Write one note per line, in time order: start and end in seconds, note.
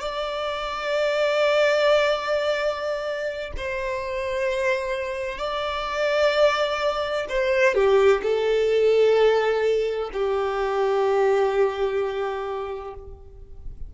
0.00 3.52 D5
3.57 5.38 C5
5.38 7.26 D5
7.29 7.74 C5
7.74 8.21 G4
8.22 10.10 A4
10.13 12.94 G4